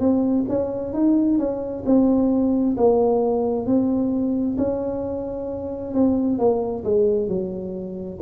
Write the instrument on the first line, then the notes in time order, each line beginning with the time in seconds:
tuba
0.00 C4
0.49 C#4
0.94 D#4
1.39 C#4
1.86 C4
2.78 A#3
3.67 C4
4.58 C#4
5.95 C4
6.39 A#3
6.85 G#3
7.29 F#3